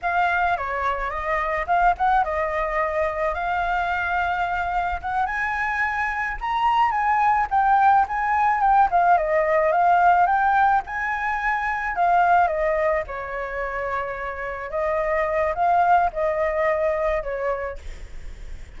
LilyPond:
\new Staff \with { instrumentName = "flute" } { \time 4/4 \tempo 4 = 108 f''4 cis''4 dis''4 f''8 fis''8 | dis''2 f''2~ | f''4 fis''8 gis''2 ais''8~ | ais''8 gis''4 g''4 gis''4 g''8 |
f''8 dis''4 f''4 g''4 gis''8~ | gis''4. f''4 dis''4 cis''8~ | cis''2~ cis''8 dis''4. | f''4 dis''2 cis''4 | }